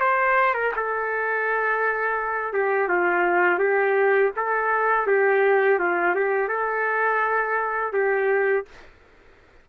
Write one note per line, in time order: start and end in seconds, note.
0.00 0.54 C5
0.54 0.72 A#4
0.76 2.53 A4
2.53 2.88 G4
2.88 3.59 F4
3.59 4.31 G4
4.36 5.07 A4
5.07 5.79 G4
5.79 6.15 F4
6.15 6.49 G4
6.49 7.93 A4
7.93 8.65 G4